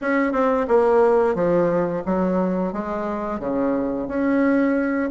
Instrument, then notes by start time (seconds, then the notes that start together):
bassoon
0.01 C#4
0.32 C4
0.68 A#3
1.35 F3
2.05 F#3
2.72 G#3
3.39 C#3
4.08 C#4